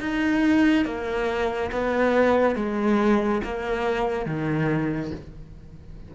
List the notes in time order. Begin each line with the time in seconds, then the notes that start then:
0.00 D#4
0.85 A#3
1.71 B3
2.55 G#3
3.43 A#3
4.25 D#3